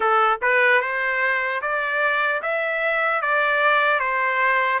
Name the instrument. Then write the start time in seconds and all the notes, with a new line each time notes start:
trumpet
0.00 A4
0.41 B4
0.81 C5
1.61 D5
2.41 E5
3.21 D5
3.99 C5